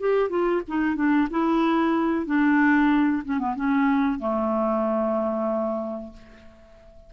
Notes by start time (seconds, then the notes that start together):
0.00 G4
0.29 F4
0.68 D#4
0.96 D4
1.30 E4
2.26 D4
3.24 C#4
3.39 B3
3.56 C#4
4.19 A3